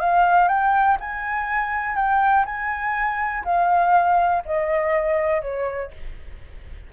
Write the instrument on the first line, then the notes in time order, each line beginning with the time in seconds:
flute
0.00 F5
0.49 G5
1.01 G#5
1.96 G5
2.46 G#5
3.45 F5
4.46 D#5
5.42 C#5